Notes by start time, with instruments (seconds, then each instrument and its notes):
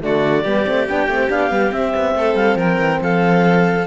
0.00 cello D3, horn A3, violin F#4, clarinet D5
0.44 cello G3, horn B3, violin G4
0.66 cello A3, horn C4
0.88 cello B3, horn D4, clarinet G5
1.08 cello A3, horn C4
1.29 cello B3, horn D4, clarinet F5
1.50 cello G3, horn B3
1.70 horn C4, cello C4, clarinet E5
1.96 cello B3
2.15 cello A3, violin A4
2.35 cello G3, clarinet F5
2.56 cello F3, violin A#4, clarinet G5
2.79 cello E3
3.01 cello F3, violin A4, clarinet F5